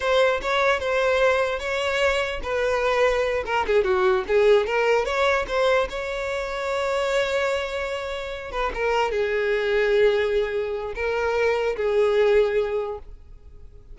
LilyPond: \new Staff \with { instrumentName = "violin" } { \time 4/4 \tempo 4 = 148 c''4 cis''4 c''2 | cis''2 b'2~ | b'8 ais'8 gis'8 fis'4 gis'4 ais'8~ | ais'8 cis''4 c''4 cis''4.~ |
cis''1~ | cis''4 b'8 ais'4 gis'4.~ | gis'2. ais'4~ | ais'4 gis'2. | }